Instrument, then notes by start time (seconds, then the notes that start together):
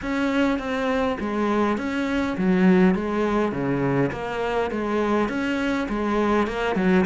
cello
0.02 C#4
0.58 C4
1.20 G#3
1.77 C#4
2.37 F#3
2.94 G#3
3.52 C#3
4.12 A#3
4.70 G#3
5.28 C#4
5.88 G#3
6.47 A#3
6.75 F#3